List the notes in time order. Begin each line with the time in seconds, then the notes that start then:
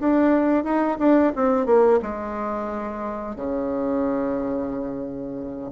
0.00 D4
0.64 D#4
0.99 D4
1.36 C4
1.66 A#3
2.02 G#3
3.36 C#3